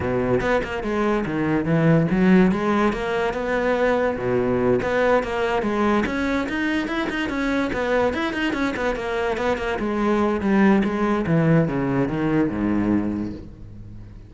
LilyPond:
\new Staff \with { instrumentName = "cello" } { \time 4/4 \tempo 4 = 144 b,4 b8 ais8 gis4 dis4 | e4 fis4 gis4 ais4 | b2 b,4. b8~ | b8 ais4 gis4 cis'4 dis'8~ |
dis'8 e'8 dis'8 cis'4 b4 e'8 | dis'8 cis'8 b8 ais4 b8 ais8 gis8~ | gis4 g4 gis4 e4 | cis4 dis4 gis,2 | }